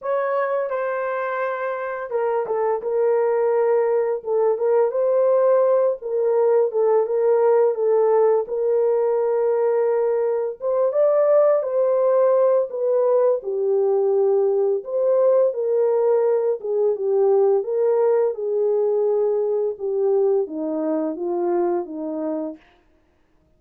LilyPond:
\new Staff \with { instrumentName = "horn" } { \time 4/4 \tempo 4 = 85 cis''4 c''2 ais'8 a'8 | ais'2 a'8 ais'8 c''4~ | c''8 ais'4 a'8 ais'4 a'4 | ais'2. c''8 d''8~ |
d''8 c''4. b'4 g'4~ | g'4 c''4 ais'4. gis'8 | g'4 ais'4 gis'2 | g'4 dis'4 f'4 dis'4 | }